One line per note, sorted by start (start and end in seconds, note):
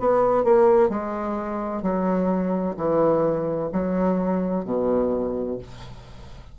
0.00 0.44 B3
0.44 0.89 A#3
0.89 1.82 G#3
1.82 2.76 F#3
2.77 3.70 E3
3.73 4.65 F#3
4.65 5.59 B2